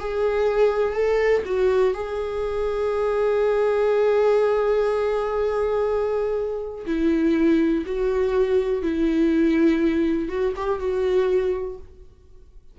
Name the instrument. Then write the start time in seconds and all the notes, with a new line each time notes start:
viola
0.00 G#4
0.93 A4
1.45 F#4
1.94 G#4
6.86 E4
7.86 F#4
8.83 E4
10.29 F#4
10.56 G4
10.80 F#4